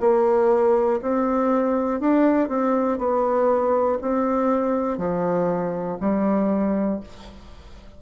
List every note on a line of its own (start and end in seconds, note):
0.00 1.00 A#3
1.02 2.00 C4
2.00 2.49 D4
2.49 2.98 C4
2.98 3.98 B3
4.01 4.98 C4
4.98 5.98 F3
6.00 7.00 G3